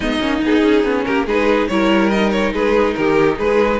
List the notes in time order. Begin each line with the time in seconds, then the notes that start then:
0.00 G#3 B3 D#4 D#5
0.20 A#3 C#4
0.39 B3 D#4 G#4
0.62 C#4
0.83 B3 C#4
1.04 A#3 G4 A#4
1.26 G#3 D#4 G#4 B4
1.67 G3 E4 A#4 C#5
2.09 D#4 D#5
2.31 C#5
2.52 G#3 G#4 B4
2.94 D#3 G4 A#4
3.38 G#3 G#4 B4